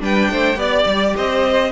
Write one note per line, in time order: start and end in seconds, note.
0.00 0.29 G3
0.00 0.56 D4
0.00 0.31 B4
0.00 0.59 G5
0.31 0.56 A3
0.31 0.58 C5
0.56 0.84 B3
0.56 1.70 G4
0.56 1.15 D5
0.56 1.16 D5
0.86 1.14 G3
1.16 1.72 C4
1.16 1.72 C5
1.16 1.72 D#5